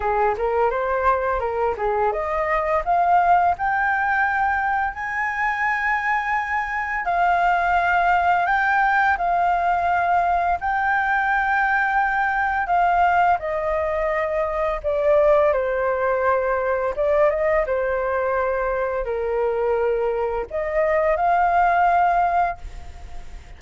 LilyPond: \new Staff \with { instrumentName = "flute" } { \time 4/4 \tempo 4 = 85 gis'8 ais'8 c''4 ais'8 gis'8 dis''4 | f''4 g''2 gis''4~ | gis''2 f''2 | g''4 f''2 g''4~ |
g''2 f''4 dis''4~ | dis''4 d''4 c''2 | d''8 dis''8 c''2 ais'4~ | ais'4 dis''4 f''2 | }